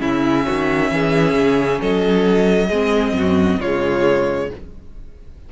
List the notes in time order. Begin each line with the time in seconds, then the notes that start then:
0.00 C#3 C#4 E4 E5
0.46 D#3 F#4
0.92 E3 G#4
1.34 C#3
1.82 F#3 A4 D#5
2.69 G#3 C4 G#4
3.13 F#2 F#4
3.60 C#3 G#3 F4 C#5